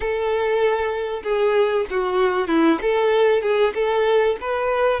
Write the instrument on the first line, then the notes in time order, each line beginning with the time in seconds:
violin
0.00 A4
1.23 G#4
1.90 F#4
2.47 E4
2.81 A4
3.42 G#4
3.74 A4
4.41 B4